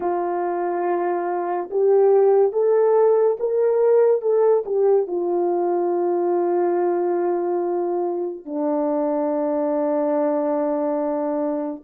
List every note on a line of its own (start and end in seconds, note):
0.00 1.69 F4
1.70 2.52 G4
2.52 3.36 A4
3.39 4.21 A#4
4.21 4.63 A4
4.65 5.07 G4
5.07 8.45 F4
8.45 11.83 D4